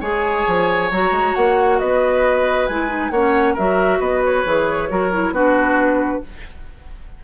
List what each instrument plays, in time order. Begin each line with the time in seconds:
0.00 bassoon G#3, clarinet G#4, oboe C#5, flute G#5
0.47 bassoon F3
0.91 bassoon F#3, clarinet F#4, flute A#5
1.11 bassoon G#3
1.34 bassoon A#3, flute F#5
1.79 bassoon B3, oboe B4, flute D#5
2.66 bassoon G#3, clarinet E4, flute G#5
2.88 clarinet D#4
3.10 bassoon A#3, clarinet C#4, oboe C#5, flute F#5
3.54 bassoon F#3, clarinet F#4, oboe A#4, flute E5
4.00 bassoon B3, oboe B4, flute D#5
4.25 flute C#5
4.45 bassoon E3, clarinet G#4
4.89 bassoon F#3, clarinet F#4, oboe A#4
5.12 clarinet E4
5.31 bassoon B3, clarinet D4, oboe F#4, flute B4